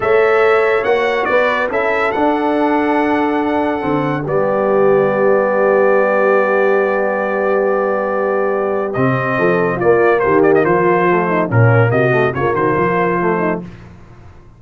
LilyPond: <<
  \new Staff \with { instrumentName = "trumpet" } { \time 4/4 \tempo 4 = 141 e''2 fis''4 d''4 | e''4 fis''2.~ | fis''2 d''2~ | d''1~ |
d''1~ | d''4 dis''2 d''4 | c''8 d''16 dis''16 c''2 ais'4 | dis''4 cis''8 c''2~ c''8 | }
  \new Staff \with { instrumentName = "horn" } { \time 4/4 cis''2. b'4 | a'1~ | a'2 g'2~ | g'1~ |
g'1~ | g'2 a'4 f'4 | g'4 f'4. dis'8 cis'4 | fis'4 f'8 fis'8 f'4. dis'8 | }
  \new Staff \with { instrumentName = "trombone" } { \time 4/4 a'2 fis'2 | e'4 d'2.~ | d'4 c'4 b2~ | b1~ |
b1~ | b4 c'2 ais4~ | ais2 a4 ais4~ | ais8 a8 ais2 a4 | }
  \new Staff \with { instrumentName = "tuba" } { \time 4/4 a2 ais4 b4 | cis'4 d'2.~ | d'4 d4 g2~ | g1~ |
g1~ | g4 c4 f4 ais4 | dis4 f2 ais,4 | c4 cis8 dis8 f2 | }
>>